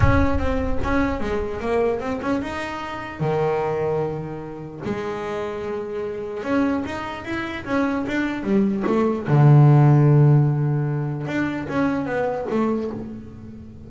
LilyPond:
\new Staff \with { instrumentName = "double bass" } { \time 4/4 \tempo 4 = 149 cis'4 c'4 cis'4 gis4 | ais4 c'8 cis'8 dis'2 | dis1 | gis1 |
cis'4 dis'4 e'4 cis'4 | d'4 g4 a4 d4~ | d1 | d'4 cis'4 b4 a4 | }